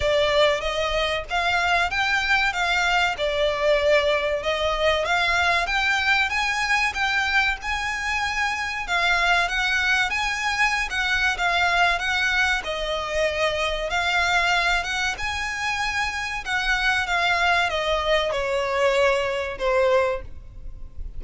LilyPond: \new Staff \with { instrumentName = "violin" } { \time 4/4 \tempo 4 = 95 d''4 dis''4 f''4 g''4 | f''4 d''2 dis''4 | f''4 g''4 gis''4 g''4 | gis''2 f''4 fis''4 |
gis''4~ gis''16 fis''8. f''4 fis''4 | dis''2 f''4. fis''8 | gis''2 fis''4 f''4 | dis''4 cis''2 c''4 | }